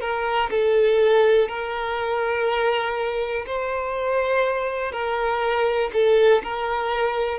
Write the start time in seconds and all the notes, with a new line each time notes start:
0.00 A#4
0.50 A4
1.48 A#4
3.46 C5
4.91 A#4
5.93 A4
6.43 A#4